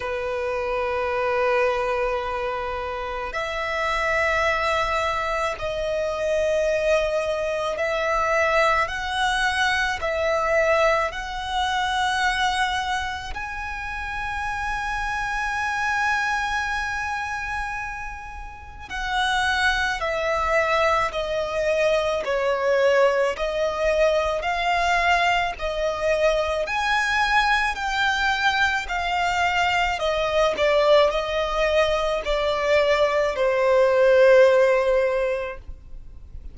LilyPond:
\new Staff \with { instrumentName = "violin" } { \time 4/4 \tempo 4 = 54 b'2. e''4~ | e''4 dis''2 e''4 | fis''4 e''4 fis''2 | gis''1~ |
gis''4 fis''4 e''4 dis''4 | cis''4 dis''4 f''4 dis''4 | gis''4 g''4 f''4 dis''8 d''8 | dis''4 d''4 c''2 | }